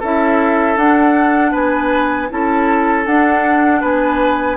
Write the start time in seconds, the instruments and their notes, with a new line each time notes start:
0.00 bassoon C#4, clarinet E4, oboe A4, flute E5
0.77 bassoon D4, clarinet D4, flute F#5
1.52 bassoon B3, oboe B4, flute G#5
2.30 bassoon C#4, clarinet E4, oboe A4, flute A5
3.06 clarinet D4, bassoon D4, flute F#5
3.81 bassoon B3, oboe B4, flute G#5